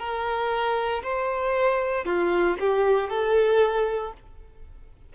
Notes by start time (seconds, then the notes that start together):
0.00 A#4
1.03 C5
2.05 F4
2.61 G4
3.10 A4